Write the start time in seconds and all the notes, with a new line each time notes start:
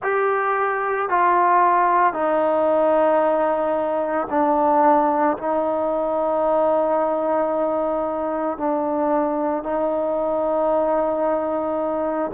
0.02 G4
1.09 F4
2.13 D#4
4.30 D4
5.37 D#4
8.57 D4
9.63 D#4